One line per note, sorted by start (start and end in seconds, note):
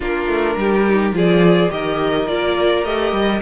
0.00 0.27 A#3
0.00 0.84 D4
0.00 0.56 F4
0.00 1.16 A#4
0.27 0.56 A3
0.56 1.12 G3
0.56 1.15 G4
0.89 1.12 D#4
1.12 1.69 F3
1.12 1.69 F4
1.12 1.72 G#4
1.12 1.71 D5
1.69 2.28 D#3
1.69 2.26 G4
1.69 3.41 A#4
1.69 2.27 D#5
2.27 2.84 A#3
2.27 2.85 F4
2.27 2.84 D5
2.84 3.12 A3
2.84 3.41 G4
2.84 3.41 D#5
3.12 3.40 G3